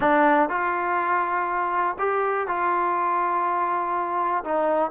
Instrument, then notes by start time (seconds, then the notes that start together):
trombone
0.00 D4
0.49 F4
1.98 G4
2.47 F4
4.44 D#4